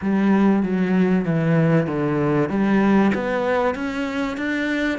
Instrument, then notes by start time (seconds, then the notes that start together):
cello
0.01 G3
0.62 F#3
1.25 E3
1.86 D3
2.49 G3
3.14 B3
3.74 C#4
4.37 D4